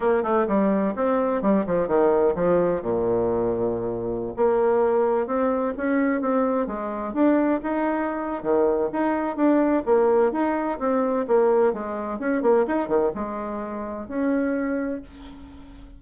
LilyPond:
\new Staff \with { instrumentName = "bassoon" } { \time 4/4 \tempo 4 = 128 ais8 a8 g4 c'4 g8 f8 | dis4 f4 ais,2~ | ais,4~ ais,16 ais2 c'8.~ | c'16 cis'4 c'4 gis4 d'8.~ |
d'16 dis'4.~ dis'16 dis4 dis'4 | d'4 ais4 dis'4 c'4 | ais4 gis4 cis'8 ais8 dis'8 dis8 | gis2 cis'2 | }